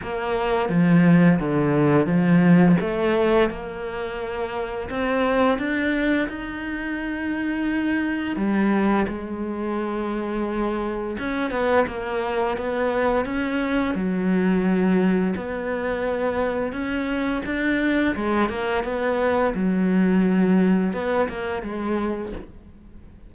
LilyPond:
\new Staff \with { instrumentName = "cello" } { \time 4/4 \tempo 4 = 86 ais4 f4 d4 f4 | a4 ais2 c'4 | d'4 dis'2. | g4 gis2. |
cis'8 b8 ais4 b4 cis'4 | fis2 b2 | cis'4 d'4 gis8 ais8 b4 | fis2 b8 ais8 gis4 | }